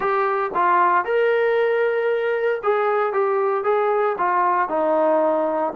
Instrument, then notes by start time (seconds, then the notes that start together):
trombone
0.00 G4
0.54 F4
1.05 A#4
2.63 G#4
3.13 G4
3.64 G#4
4.18 F4
4.68 D#4